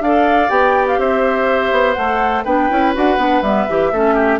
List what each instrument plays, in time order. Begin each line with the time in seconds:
0.00 bassoon D4, clarinet A4, oboe D5, flute F5
0.49 bassoon B3, clarinet G4, flute G5
0.87 flute F5
0.98 bassoon C4, oboe C5, flute E5
1.71 bassoon B3
1.93 bassoon A3, clarinet A4, flute F#5
2.44 bassoon B3, clarinet D4, oboe B4, flute G5
2.69 bassoon C#4, clarinet E4
2.94 bassoon D4, clarinet F#4, flute F#5
3.17 bassoon B3, clarinet D4
3.41 bassoon G3, clarinet B3, flute E5
3.68 bassoon E3, clarinet G4
3.91 bassoon A3, clarinet C#4, oboe A4
4.14 oboe G4